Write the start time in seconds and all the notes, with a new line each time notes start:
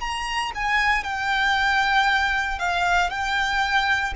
0.00 A#5
0.55 G#5
1.03 G5
2.59 F5
3.10 G5